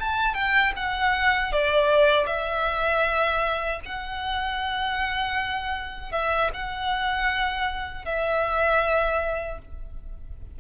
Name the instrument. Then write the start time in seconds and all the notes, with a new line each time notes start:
violin
0.00 A5
0.35 G5
0.77 F#5
1.53 D5
2.27 E5
3.86 F#5
6.13 E5
6.54 F#5
8.06 E5